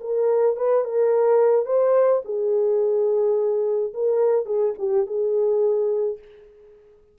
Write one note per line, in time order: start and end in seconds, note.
0.00 0.56 A#4
0.56 0.84 B4
0.84 1.65 A#4
1.65 2.21 C5
2.25 3.93 G#4
3.93 4.46 A#4
4.46 4.74 G#4
4.78 5.06 G4
5.06 6.18 G#4